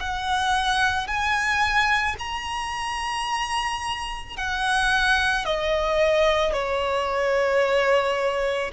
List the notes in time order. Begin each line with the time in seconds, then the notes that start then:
0.00 F#5
1.07 G#5
2.19 A#5
4.36 F#5
5.45 D#5
6.53 C#5